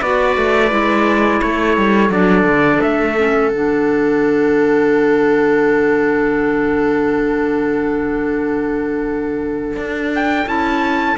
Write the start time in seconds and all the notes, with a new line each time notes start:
0.00 B3 F#4 B4 D5
0.37 A3
0.70 G#3 E4
1.41 A3 A4 C#5
1.77 G3
2.10 F#3 D4 D5
2.44 D3
2.81 A3 E5
3.17 C#4
3.49 D3 D4 F#5
9.76 D4
10.15 G5
10.47 C#4 E4 A5